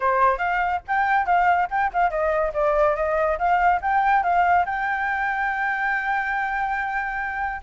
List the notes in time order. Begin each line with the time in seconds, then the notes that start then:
0.00 C5
0.38 F5
0.87 G5
1.25 F5
1.70 G5
1.93 F5
2.10 D#5
2.53 D5
2.95 D#5
3.38 F5
3.81 G5
4.23 F5
4.65 G5